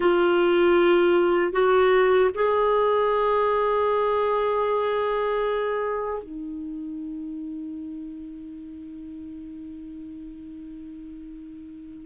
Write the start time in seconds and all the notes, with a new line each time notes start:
0.00 F4
1.52 F#4
2.34 G#4
6.22 D#4